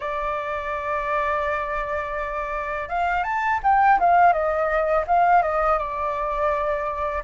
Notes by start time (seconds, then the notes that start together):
0.00 D5
2.88 F5
3.23 A5
3.63 G5
3.99 F5
4.32 D#5
5.07 F5
5.42 D#5
5.78 D5